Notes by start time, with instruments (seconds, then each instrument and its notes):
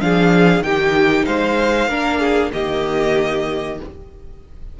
0.00 cello F3, viola D4, violin G#4 F5
0.59 cello D#3, viola D#4, violin G5
0.66 violin G4
1.25 cello G#3, violin C5 F5
1.87 cello A#3, viola D4, violin A#4
2.19 violin G#4
2.52 cello D#3, viola A#3, violin G4 D#5